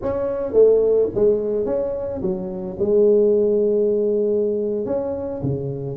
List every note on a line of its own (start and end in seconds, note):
0.02 0.53 C#4
0.53 1.08 A3
1.14 1.65 G#3
1.65 2.21 C#4
2.21 2.77 F#3
2.79 4.85 G#3
4.85 5.41 C#4
5.42 5.96 C#3